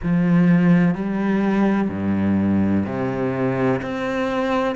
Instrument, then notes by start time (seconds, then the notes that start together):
cello
0.03 F3
0.94 G3
1.88 G2
2.85 C3
3.82 C4